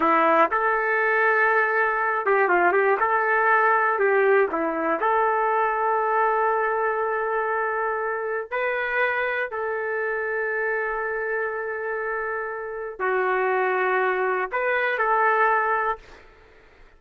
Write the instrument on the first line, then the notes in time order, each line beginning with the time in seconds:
trumpet
0.00 E4
0.51 A4
2.26 G4
2.48 F4
2.72 G4
3.00 A4
3.98 G4
4.51 E4
5.00 A4
8.50 B4
9.50 A4
12.99 F#4
14.52 B4
14.98 A4